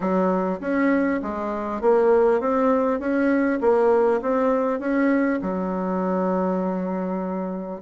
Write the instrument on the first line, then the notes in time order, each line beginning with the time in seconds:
bassoon
0.00 F#3
0.60 C#4
1.22 G#3
1.81 A#3
2.40 C4
2.99 C#4
3.61 A#3
4.21 C4
4.79 C#4
5.41 F#3